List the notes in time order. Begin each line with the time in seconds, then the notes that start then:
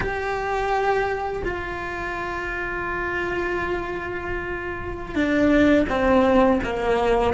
0.00 G4
1.44 F4
5.15 D4
5.89 C4
6.63 A#3